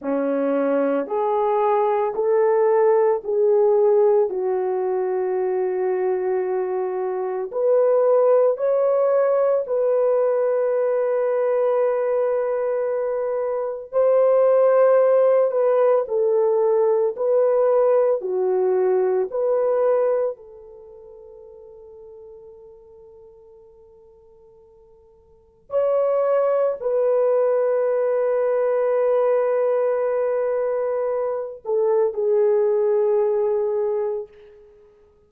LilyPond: \new Staff \with { instrumentName = "horn" } { \time 4/4 \tempo 4 = 56 cis'4 gis'4 a'4 gis'4 | fis'2. b'4 | cis''4 b'2.~ | b'4 c''4. b'8 a'4 |
b'4 fis'4 b'4 a'4~ | a'1 | cis''4 b'2.~ | b'4. a'8 gis'2 | }